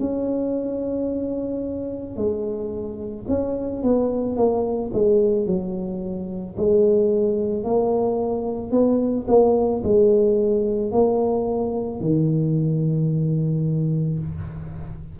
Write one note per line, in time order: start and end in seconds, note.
0.00 2.17 C#4
2.17 3.26 G#3
3.29 3.83 C#4
3.83 4.37 B3
4.37 4.91 A#3
4.93 5.47 G#3
5.47 6.56 F#3
6.58 7.64 G#3
7.64 8.72 A#3
8.72 9.26 B3
9.28 9.82 A#3
9.84 10.92 G#3
10.92 12.01 A#3
12.01 14.19 D#3